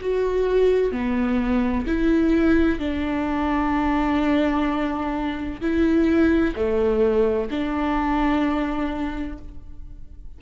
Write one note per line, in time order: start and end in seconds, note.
0.00 0.91 F#4
0.91 1.85 B3
1.86 2.79 E4
2.79 5.60 D4
5.61 6.55 E4
6.55 7.49 A3
7.50 9.38 D4